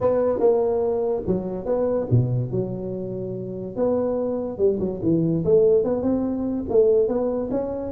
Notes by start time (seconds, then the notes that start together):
0.01 B3
0.39 A#3
1.27 F#3
1.65 B3
2.11 B2
2.51 F#3
3.76 B3
4.58 G3
4.79 F#3
5.02 E3
5.45 A3
5.84 B3
6.02 C4
6.69 A3
7.08 B3
7.50 C#4